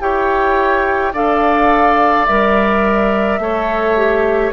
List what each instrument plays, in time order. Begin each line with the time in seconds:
0.00 bassoon E4, clarinet G4, oboe C#5, flute G5
1.13 bassoon D4, clarinet A4, oboe D5, flute F5
2.26 bassoon G3, clarinet A#4, flute E5
3.38 bassoon A3, clarinet A4, oboe C#5
3.97 clarinet G4